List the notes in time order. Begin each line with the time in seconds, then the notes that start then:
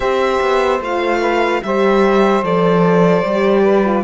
0.00 C4 G4 C5 E5
0.40 B3
0.80 A3 F4 F5
1.20 B4
1.62 G3 G4 C5 E5
2.42 F3 A4 D5
3.23 G3 G4
3.62 B4
3.85 F4